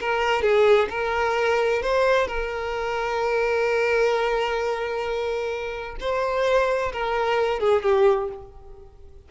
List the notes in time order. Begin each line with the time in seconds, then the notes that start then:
0.00 A#4
0.42 G#4
0.90 A#4
1.82 C5
2.27 A#4
6.00 C5
6.92 A#4
7.60 G#4
7.82 G4